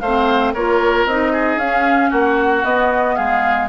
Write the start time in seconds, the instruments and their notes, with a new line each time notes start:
0.00 bassoon A3, oboe C5, flute F5
0.06 clarinet C4
0.53 bassoon A#3, clarinet F4, oboe A#4, flute C#5
1.06 bassoon C4, clarinet D#4, flute D#5
1.32 oboe G#4
1.57 bassoon C#4, clarinet C#4, flute F5
2.10 bassoon A#3, oboe F#4, flute F#5
2.64 bassoon B3, clarinet B3, flute D#5
3.16 bassoon G#3, oboe G#4, flute F5